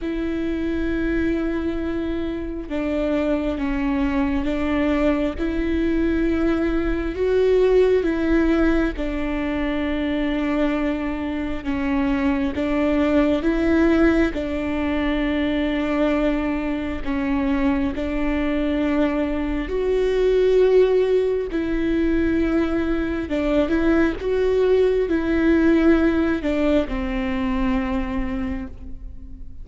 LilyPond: \new Staff \with { instrumentName = "viola" } { \time 4/4 \tempo 4 = 67 e'2. d'4 | cis'4 d'4 e'2 | fis'4 e'4 d'2~ | d'4 cis'4 d'4 e'4 |
d'2. cis'4 | d'2 fis'2 | e'2 d'8 e'8 fis'4 | e'4. d'8 c'2 | }